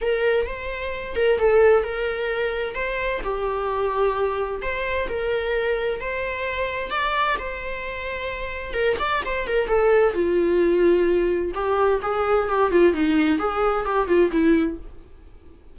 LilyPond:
\new Staff \with { instrumentName = "viola" } { \time 4/4 \tempo 4 = 130 ais'4 c''4. ais'8 a'4 | ais'2 c''4 g'4~ | g'2 c''4 ais'4~ | ais'4 c''2 d''4 |
c''2. ais'8 d''8 | c''8 ais'8 a'4 f'2~ | f'4 g'4 gis'4 g'8 f'8 | dis'4 gis'4 g'8 f'8 e'4 | }